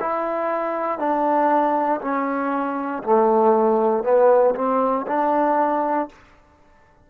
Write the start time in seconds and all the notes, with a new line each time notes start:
0.00 E4
0.99 D4
2.02 C#4
3.03 A3
4.04 B3
4.55 C4
5.07 D4